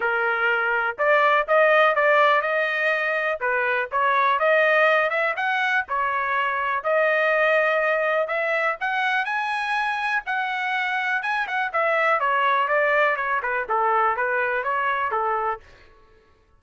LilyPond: \new Staff \with { instrumentName = "trumpet" } { \time 4/4 \tempo 4 = 123 ais'2 d''4 dis''4 | d''4 dis''2 b'4 | cis''4 dis''4. e''8 fis''4 | cis''2 dis''2~ |
dis''4 e''4 fis''4 gis''4~ | gis''4 fis''2 gis''8 fis''8 | e''4 cis''4 d''4 cis''8 b'8 | a'4 b'4 cis''4 a'4 | }